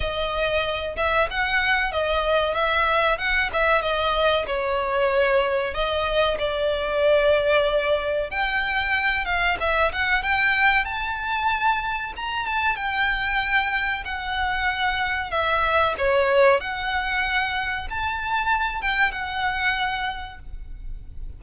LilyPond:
\new Staff \with { instrumentName = "violin" } { \time 4/4 \tempo 4 = 94 dis''4. e''8 fis''4 dis''4 | e''4 fis''8 e''8 dis''4 cis''4~ | cis''4 dis''4 d''2~ | d''4 g''4. f''8 e''8 fis''8 |
g''4 a''2 ais''8 a''8 | g''2 fis''2 | e''4 cis''4 fis''2 | a''4. g''8 fis''2 | }